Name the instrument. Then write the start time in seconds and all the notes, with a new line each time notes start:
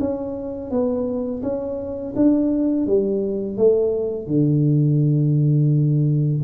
tuba
0.00 C#4
0.71 B3
1.43 C#4
2.16 D4
2.87 G3
3.57 A3
4.27 D3